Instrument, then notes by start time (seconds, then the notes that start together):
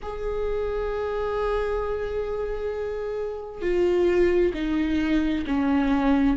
viola
0.02 G#4
3.61 F4
4.54 D#4
5.46 C#4